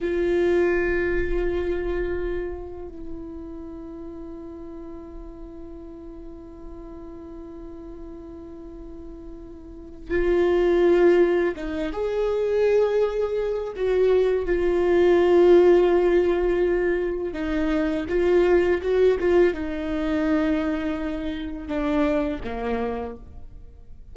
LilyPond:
\new Staff \with { instrumentName = "viola" } { \time 4/4 \tempo 4 = 83 f'1 | e'1~ | e'1~ | e'2 f'2 |
dis'8 gis'2~ gis'8 fis'4 | f'1 | dis'4 f'4 fis'8 f'8 dis'4~ | dis'2 d'4 ais4 | }